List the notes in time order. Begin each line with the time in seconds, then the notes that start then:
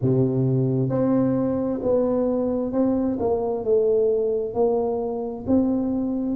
0.01 C3
0.88 C4
1.82 B3
2.72 C4
3.19 A#3
3.64 A3
4.53 A#3
5.47 C4